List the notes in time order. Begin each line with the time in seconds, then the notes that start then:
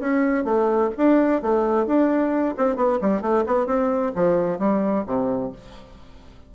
0.00 C#4
0.45 A3
0.98 D4
1.42 A3
1.87 D4
2.58 C4
2.76 B3
3.01 G3
3.22 A3
3.47 B3
3.67 C4
4.15 F3
4.59 G3
5.07 C3